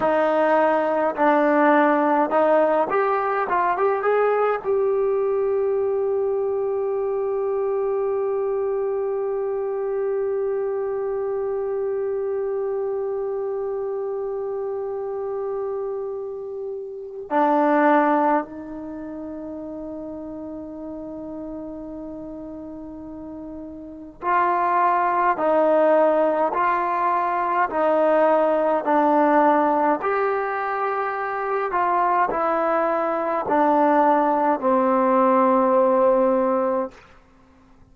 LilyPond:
\new Staff \with { instrumentName = "trombone" } { \time 4/4 \tempo 4 = 52 dis'4 d'4 dis'8 g'8 f'16 g'16 gis'8 | g'1~ | g'1~ | g'2. d'4 |
dis'1~ | dis'4 f'4 dis'4 f'4 | dis'4 d'4 g'4. f'8 | e'4 d'4 c'2 | }